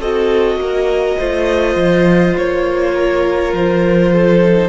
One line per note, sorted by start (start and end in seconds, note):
0.00 0.57 C4
0.00 1.20 F#4
0.00 0.59 A4
0.00 2.37 D#5
0.57 1.16 A#3
0.57 1.19 A#4
1.19 1.76 A3
1.19 4.43 F4
1.19 2.95 C5
1.76 2.35 F3
2.38 3.53 A#3
2.38 3.55 C#5
2.95 4.13 A#4
3.53 4.70 F3
3.53 4.70 C5
4.13 4.70 A4
4.44 4.70 D#4